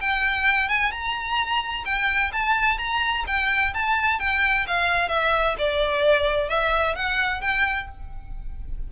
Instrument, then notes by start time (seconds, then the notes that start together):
violin
0.00 G5
0.69 G#5
0.91 A#5
1.85 G5
2.32 A5
2.78 A#5
3.27 G5
3.74 A5
4.19 G5
4.67 F5
5.09 E5
5.58 D5
6.49 E5
6.95 F#5
7.41 G5